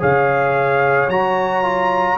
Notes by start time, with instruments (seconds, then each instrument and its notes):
0.00 tuba C#3, trombone G#4, horn C#5, trumpet F5
1.09 tuba F#3, trombone F#4, trumpet A#5
1.64 trombone F4